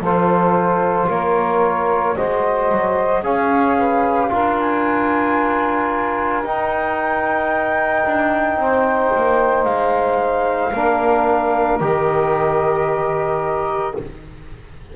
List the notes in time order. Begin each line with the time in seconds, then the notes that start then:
0.00 F3 F4 A4 C5
1.09 A#3 A#4 C#5
2.16 G#3 F#4 C5 D#5
2.72 F#3
3.23 C#4 G#4 C#5 F5
3.78 B4
4.29 D4 F4 A#4
4.58 G#5
6.44 D#4 G5
8.05 D4
8.57 C4 C5
9.16 A#3
9.65 G#3 F5
10.73 A#3 D4 A#4
11.80 D#3 G4 D#5